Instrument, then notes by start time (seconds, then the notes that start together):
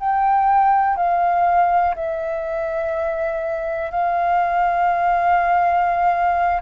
flute
0.00 G5
0.97 F5
1.95 E5
3.91 F5